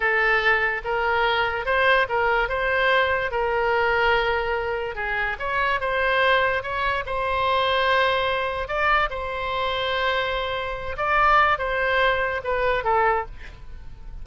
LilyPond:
\new Staff \with { instrumentName = "oboe" } { \time 4/4 \tempo 4 = 145 a'2 ais'2 | c''4 ais'4 c''2 | ais'1 | gis'4 cis''4 c''2 |
cis''4 c''2.~ | c''4 d''4 c''2~ | c''2~ c''8 d''4. | c''2 b'4 a'4 | }